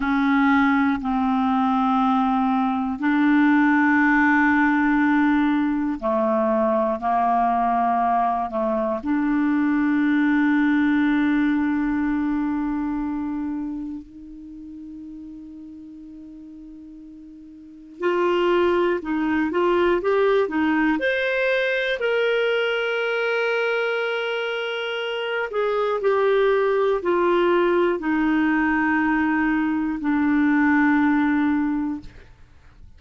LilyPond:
\new Staff \with { instrumentName = "clarinet" } { \time 4/4 \tempo 4 = 60 cis'4 c'2 d'4~ | d'2 a4 ais4~ | ais8 a8 d'2.~ | d'2 dis'2~ |
dis'2 f'4 dis'8 f'8 | g'8 dis'8 c''4 ais'2~ | ais'4. gis'8 g'4 f'4 | dis'2 d'2 | }